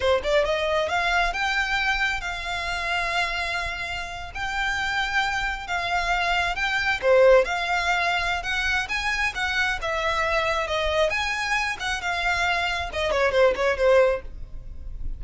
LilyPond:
\new Staff \with { instrumentName = "violin" } { \time 4/4 \tempo 4 = 135 c''8 d''8 dis''4 f''4 g''4~ | g''4 f''2.~ | f''4.~ f''16 g''2~ g''16~ | g''8. f''2 g''4 c''16~ |
c''8. f''2~ f''16 fis''4 | gis''4 fis''4 e''2 | dis''4 gis''4. fis''8 f''4~ | f''4 dis''8 cis''8 c''8 cis''8 c''4 | }